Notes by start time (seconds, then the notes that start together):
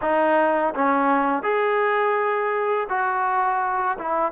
0.01 D#4
0.75 C#4
1.43 G#4
2.89 F#4
3.98 E4